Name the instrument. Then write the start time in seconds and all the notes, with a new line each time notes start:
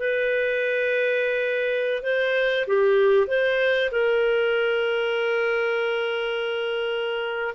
clarinet
0.00 B4
2.03 C5
2.68 G4
3.28 C5
3.92 A#4